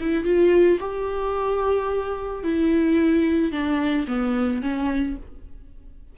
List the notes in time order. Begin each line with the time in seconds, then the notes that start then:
0.00 E4
0.24 F4
0.79 G4
2.43 E4
3.51 D4
4.07 B3
4.61 C#4